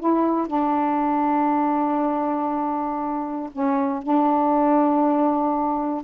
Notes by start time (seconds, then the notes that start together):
0.00 E4
0.48 D4
3.53 C#4
4.03 D4